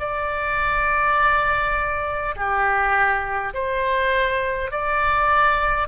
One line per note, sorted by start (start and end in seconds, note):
0.00 2.35 D5
2.36 3.54 G4
3.54 4.71 C5
4.71 5.88 D5